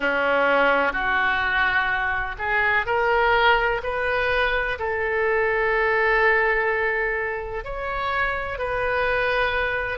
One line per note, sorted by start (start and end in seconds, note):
0.00 0.93 C#4
0.93 2.35 F#4
2.38 2.86 G#4
2.86 3.81 A#4
3.83 4.78 B4
4.78 7.64 A4
7.64 8.58 C#5
8.58 9.98 B4